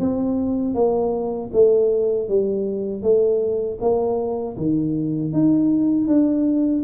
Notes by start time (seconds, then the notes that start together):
0.00 C4
0.75 A#3
1.53 A3
2.29 G3
3.02 A3
3.81 A#3
4.57 D#3
5.33 D#4
6.08 D4